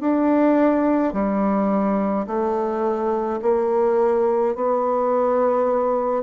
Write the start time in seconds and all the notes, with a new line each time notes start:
0.00 D4
1.13 G3
2.27 A3
3.42 A#3
4.55 B3